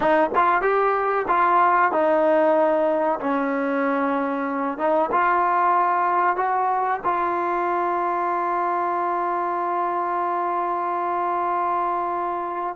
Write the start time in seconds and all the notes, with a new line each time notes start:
0.00 D#4
0.35 F4
0.61 G4
1.28 F4
1.91 D#4
3.19 C#4
4.78 D#4
5.11 F4
6.36 F#4
7.04 F4